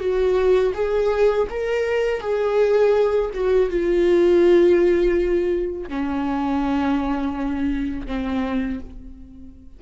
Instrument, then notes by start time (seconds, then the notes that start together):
viola
0.00 F#4
0.75 G#4
1.50 A#4
2.21 G#4
3.34 F#4
3.70 F4
5.89 C#4
8.07 C4